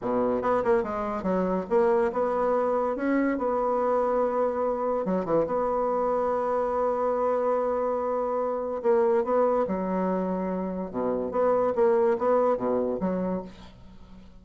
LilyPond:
\new Staff \with { instrumentName = "bassoon" } { \time 4/4 \tempo 4 = 143 b,4 b8 ais8 gis4 fis4 | ais4 b2 cis'4 | b1 | fis8 e8 b2.~ |
b1~ | b4 ais4 b4 fis4~ | fis2 b,4 b4 | ais4 b4 b,4 fis4 | }